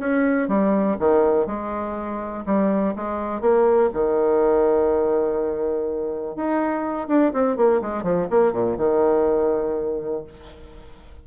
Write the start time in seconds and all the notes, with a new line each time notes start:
0.00 C#4
0.49 G3
1.00 D#3
1.47 G#3
2.46 G3
2.96 G#3
3.41 A#3
3.94 D#3
6.36 D#4
7.08 D4
7.33 C4
7.57 A#3
7.82 G#3
8.04 F3
8.31 A#3
8.53 A#2
8.78 D#3